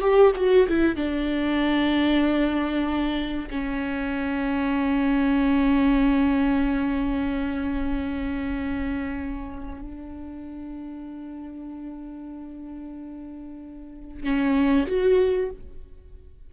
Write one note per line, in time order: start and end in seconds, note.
0.00 0.32 G4
0.35 0.67 F#4
0.68 0.96 E4
0.96 3.48 D4
3.50 9.81 C#4
9.81 14.23 D4
14.23 14.86 C#4
14.87 15.50 F#4